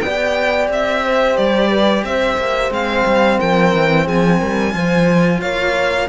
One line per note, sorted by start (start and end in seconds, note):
0.00 0.69 B3
0.00 1.04 D5
0.00 0.67 G5
0.06 2.71 G4
0.69 1.36 C4
0.69 1.37 E5
1.04 1.69 C5
1.37 2.04 G3
1.37 2.04 D5
1.69 2.03 B4
2.04 2.37 C4
2.04 3.38 C5
2.04 2.72 E5
2.38 2.70 A#3
2.70 3.04 G#3
2.70 4.71 C4
2.70 3.39 F5
3.05 3.39 G3
3.38 3.74 F3
3.38 4.04 A#4
3.38 4.07 G5
3.74 4.07 E3
4.04 4.41 F3
4.04 4.38 G#4
4.04 5.40 G#5
4.39 4.74 G3
4.39 4.73 A#4
4.71 5.41 F3
4.71 6.06 F4
4.71 5.40 C5
5.40 6.09 A#3
5.40 6.07 C#5
5.40 6.08 F5